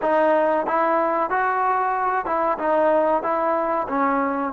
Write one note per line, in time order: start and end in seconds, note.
0.02 0.66 D#4
0.66 1.30 E4
1.30 2.25 F#4
2.25 2.57 E4
2.58 3.23 D#4
3.23 3.87 E4
3.88 4.53 C#4